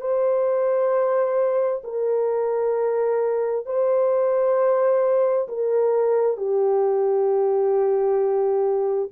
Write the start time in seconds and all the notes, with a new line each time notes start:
0.00 C5
1.83 A#4
3.65 C5
5.48 A#4
6.37 G4